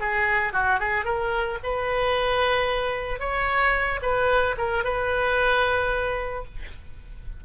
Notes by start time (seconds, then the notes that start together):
0.00 G#4
0.53 F#4
0.80 G#4
1.05 A#4
1.63 B4
3.19 C#5
4.02 B4
4.57 A#4
4.84 B4